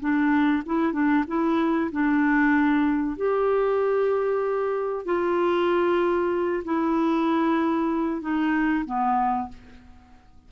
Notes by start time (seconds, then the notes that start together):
0.00 D4
0.66 E4
0.93 D4
1.27 E4
1.92 D4
3.17 G4
5.06 F4
6.65 E4
8.21 D#4
8.85 B3